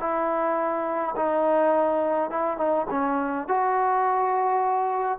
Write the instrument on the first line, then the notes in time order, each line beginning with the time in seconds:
trombone
0.00 E4
1.17 D#4
2.31 E4
2.58 D#4
2.90 C#4
3.48 F#4